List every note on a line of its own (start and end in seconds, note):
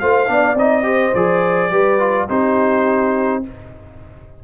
0.00 0.29 A3
0.00 0.27 F4
0.00 0.30 C5
0.00 0.57 F5
0.27 0.55 B3
0.27 0.56 D4
0.27 0.86 D5
0.55 1.12 C4
0.55 0.83 D#4
0.55 1.15 D#5
0.83 1.12 G4
0.83 1.71 C5
1.15 1.71 F3
1.15 1.72 G#4
1.15 2.29 D5
1.71 2.28 G3
1.71 2.00 G4
1.71 2.28 B4
2.00 2.28 F4
2.29 3.44 C4
2.29 3.44 D#4
2.29 3.44 G4
2.29 3.44 C5